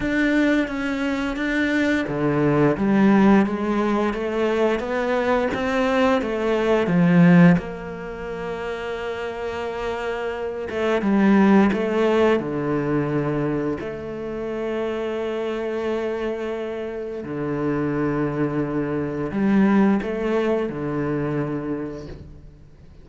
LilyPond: \new Staff \with { instrumentName = "cello" } { \time 4/4 \tempo 4 = 87 d'4 cis'4 d'4 d4 | g4 gis4 a4 b4 | c'4 a4 f4 ais4~ | ais2.~ ais8 a8 |
g4 a4 d2 | a1~ | a4 d2. | g4 a4 d2 | }